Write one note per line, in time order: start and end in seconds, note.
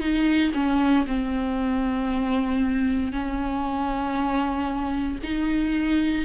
0.00 0.52 D#4
0.54 1.05 C#4
1.07 3.11 C4
3.11 5.18 C#4
5.23 6.24 D#4